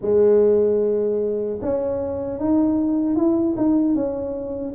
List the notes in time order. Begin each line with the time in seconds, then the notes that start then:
0.01 G#3
1.61 C#4
2.39 D#4
3.16 E4
3.56 D#4
3.95 C#4